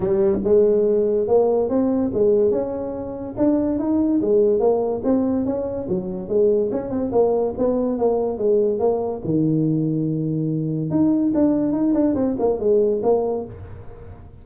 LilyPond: \new Staff \with { instrumentName = "tuba" } { \time 4/4 \tempo 4 = 143 g4 gis2 ais4 | c'4 gis4 cis'2 | d'4 dis'4 gis4 ais4 | c'4 cis'4 fis4 gis4 |
cis'8 c'8 ais4 b4 ais4 | gis4 ais4 dis2~ | dis2 dis'4 d'4 | dis'8 d'8 c'8 ais8 gis4 ais4 | }